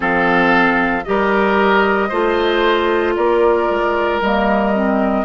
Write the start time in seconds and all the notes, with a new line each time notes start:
0.00 F3 C4 A4 F5
1.04 G3 G4 A#4 D#5
2.08 A3 F4 C5
3.15 A#3 A#4 D5
3.69 G#3
4.20 G3 A#3 D#5
4.73 C4